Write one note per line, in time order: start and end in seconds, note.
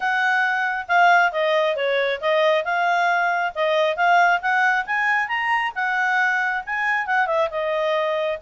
0.00 0.86 F#5
0.88 1.32 F5
1.32 1.75 D#5
1.75 2.20 C#5
2.21 2.64 D#5
2.64 3.52 F5
3.54 3.96 D#5
3.96 4.40 F5
4.41 4.85 F#5
4.85 5.28 G#5
5.28 5.72 A#5
5.75 6.63 F#5
6.66 7.06 G#5
7.06 7.26 F#5
7.26 7.48 E5
7.50 8.38 D#5